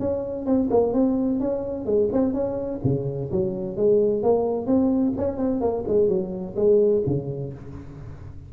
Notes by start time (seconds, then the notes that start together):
0.00 C#4
0.46 C4
0.71 A#3
0.94 C4
1.40 C#4
1.86 G#3
2.13 C4
2.34 C#4
2.84 C#3
3.32 F#3
3.77 G#3
4.23 A#3
4.67 C4
5.18 C#4
5.38 C4
5.61 A#3
5.88 G#3
6.09 F#3
6.56 G#3
7.07 C#3